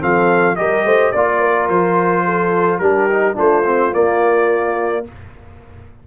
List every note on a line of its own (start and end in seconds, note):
0.00 0.58 F3
0.00 0.56 C4
0.00 0.57 A4
0.00 0.56 F5
0.56 0.85 G3
0.56 1.13 G4
0.56 0.86 A#4
0.56 1.12 D#5
0.85 1.13 A3
0.85 1.13 C5
1.12 1.69 A#3
1.12 2.82 F4
1.12 1.68 D5
1.12 1.40 D5
1.40 2.24 A#4
1.69 2.80 F3
1.69 2.79 C5
2.25 2.81 A4
2.79 3.36 G3
2.79 3.10 D4
2.79 3.35 G4
2.79 3.35 A#4
3.10 3.35 D#4
3.35 3.94 A3
3.35 3.63 D4
3.35 5.04 F4
3.35 3.94 C5
3.66 3.93 C4
3.93 5.05 A#3
3.93 5.07 A#3
3.93 5.06 D5